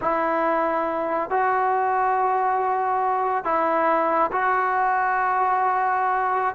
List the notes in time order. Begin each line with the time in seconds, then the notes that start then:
0.01 E4
1.30 F#4
3.44 E4
4.32 F#4